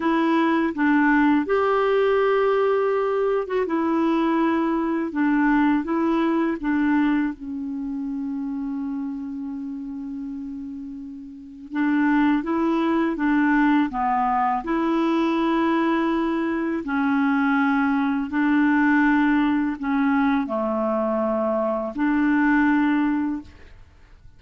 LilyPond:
\new Staff \with { instrumentName = "clarinet" } { \time 4/4 \tempo 4 = 82 e'4 d'4 g'2~ | g'8. fis'16 e'2 d'4 | e'4 d'4 cis'2~ | cis'1 |
d'4 e'4 d'4 b4 | e'2. cis'4~ | cis'4 d'2 cis'4 | a2 d'2 | }